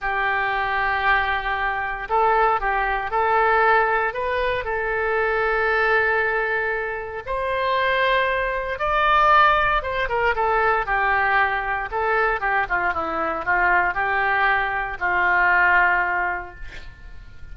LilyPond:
\new Staff \with { instrumentName = "oboe" } { \time 4/4 \tempo 4 = 116 g'1 | a'4 g'4 a'2 | b'4 a'2.~ | a'2 c''2~ |
c''4 d''2 c''8 ais'8 | a'4 g'2 a'4 | g'8 f'8 e'4 f'4 g'4~ | g'4 f'2. | }